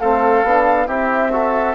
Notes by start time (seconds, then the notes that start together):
0.00 A3 C4 A4 F5
0.43 B3 D4
0.87 C4 E4 G4 E5
1.32 F#4 A4